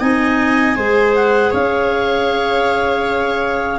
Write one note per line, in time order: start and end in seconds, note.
0.00 0.77 C4
0.00 0.76 D#4
0.00 0.76 D#5
0.00 1.15 G#5
0.77 1.53 G#3
0.77 3.80 G#4
0.77 1.51 C5
1.15 1.53 F#5
1.51 3.80 C#4
1.51 3.78 C#5
1.51 3.80 F5